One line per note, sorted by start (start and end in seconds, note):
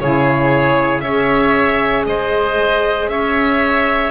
0.00 1.03 C#3
0.00 1.04 E4
0.00 1.03 G#4
0.00 1.01 C#5
1.01 2.06 C#4
1.01 4.11 G#4
1.01 2.06 C#5
1.01 2.04 E5
2.06 3.09 G#3
2.06 3.11 C5
2.06 3.09 D#5
3.09 4.11 C#4
3.09 4.11 C#5
3.09 4.11 E5